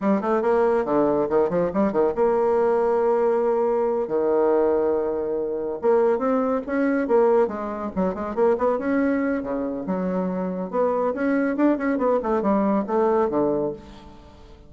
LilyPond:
\new Staff \with { instrumentName = "bassoon" } { \time 4/4 \tempo 4 = 140 g8 a8 ais4 d4 dis8 f8 | g8 dis8 ais2.~ | ais4. dis2~ dis8~ | dis4. ais4 c'4 cis'8~ |
cis'8 ais4 gis4 fis8 gis8 ais8 | b8 cis'4. cis4 fis4~ | fis4 b4 cis'4 d'8 cis'8 | b8 a8 g4 a4 d4 | }